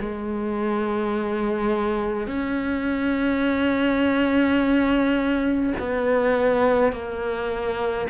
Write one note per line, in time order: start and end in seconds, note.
0.00 2.28 G#3
2.28 5.74 C#4
5.80 6.92 B3
6.92 8.08 A#3